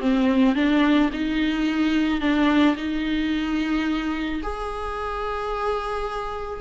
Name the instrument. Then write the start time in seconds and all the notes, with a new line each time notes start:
viola
0.00 C4
0.55 D4
1.12 D#4
2.20 D4
2.76 D#4
4.42 G#4